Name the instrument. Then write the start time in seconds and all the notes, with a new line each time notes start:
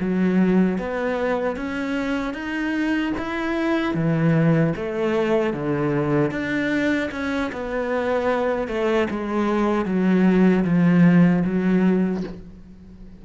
cello
0.00 F#3
0.78 B3
1.56 C#4
2.34 D#4
3.18 E4
3.94 E3
4.76 A3
5.53 D3
6.31 D4
7.11 C#4
7.52 B3
8.68 A3
9.10 G#3
9.85 F#3
10.64 F3
11.45 F#3